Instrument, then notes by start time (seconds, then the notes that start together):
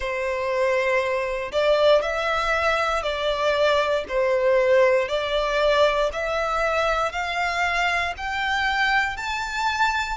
violin
0.00 C5
1.52 D5
2.02 E5
3.02 D5
4.08 C5
5.08 D5
6.12 E5
7.11 F5
8.17 G5
9.16 A5